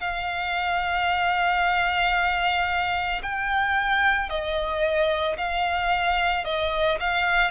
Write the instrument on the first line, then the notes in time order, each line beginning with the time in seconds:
violin
0.00 F5
3.22 G5
4.30 D#5
5.37 F5
6.44 D#5
7.00 F5